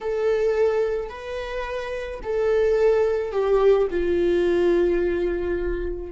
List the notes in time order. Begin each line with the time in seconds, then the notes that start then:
0.01 A4
1.09 B4
2.22 A4
3.32 G4
3.90 F4